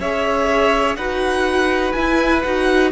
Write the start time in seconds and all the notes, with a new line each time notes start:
0.00 C#4 G#4 C#5 E5
0.97 D#4 F#4 B4 F#5
1.93 E4 G#5
2.43 D#4 F#4 F#5